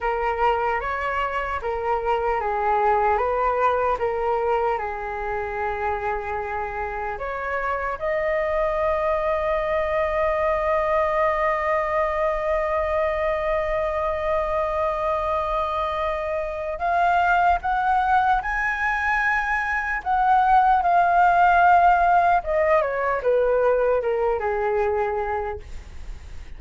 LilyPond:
\new Staff \with { instrumentName = "flute" } { \time 4/4 \tempo 4 = 75 ais'4 cis''4 ais'4 gis'4 | b'4 ais'4 gis'2~ | gis'4 cis''4 dis''2~ | dis''1~ |
dis''1~ | dis''4 f''4 fis''4 gis''4~ | gis''4 fis''4 f''2 | dis''8 cis''8 b'4 ais'8 gis'4. | }